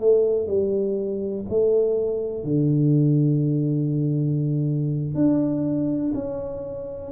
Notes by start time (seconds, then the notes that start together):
0.00 A3
0.47 G3
1.49 A3
2.44 D3
5.15 D4
6.14 C#4